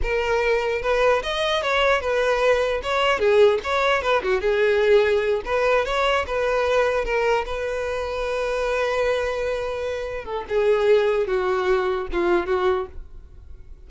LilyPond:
\new Staff \with { instrumentName = "violin" } { \time 4/4 \tempo 4 = 149 ais'2 b'4 dis''4 | cis''4 b'2 cis''4 | gis'4 cis''4 b'8 fis'8 gis'4~ | gis'4. b'4 cis''4 b'8~ |
b'4. ais'4 b'4.~ | b'1~ | b'4. a'8 gis'2 | fis'2 f'4 fis'4 | }